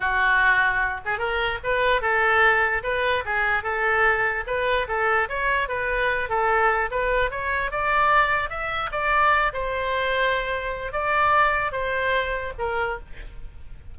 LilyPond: \new Staff \with { instrumentName = "oboe" } { \time 4/4 \tempo 4 = 148 fis'2~ fis'8 gis'8 ais'4 | b'4 a'2 b'4 | gis'4 a'2 b'4 | a'4 cis''4 b'4. a'8~ |
a'4 b'4 cis''4 d''4~ | d''4 e''4 d''4. c''8~ | c''2. d''4~ | d''4 c''2 ais'4 | }